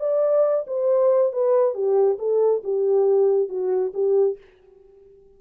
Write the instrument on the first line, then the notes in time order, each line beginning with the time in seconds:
horn
0.00 D5
0.67 C5
1.33 B4
1.74 G4
2.19 A4
2.64 G4
3.49 F#4
3.94 G4